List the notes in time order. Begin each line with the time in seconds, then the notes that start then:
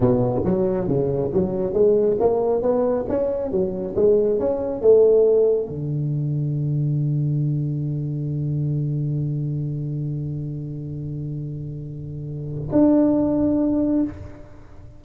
0.00 B2
0.44 F#3
0.87 C#3
1.33 F#3
1.73 G#3
2.20 A#3
2.62 B3
3.08 C#4
3.51 F#3
3.96 G#3
4.39 C#4
4.81 A3
5.68 D3
12.72 D4